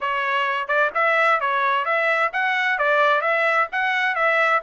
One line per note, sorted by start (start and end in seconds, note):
0.00 0.67 C#5
0.67 0.90 D5
0.94 1.40 E5
1.40 1.85 C#5
1.85 2.31 E5
2.32 2.78 F#5
2.78 3.21 D5
3.21 3.67 E5
3.72 4.15 F#5
4.15 4.61 E5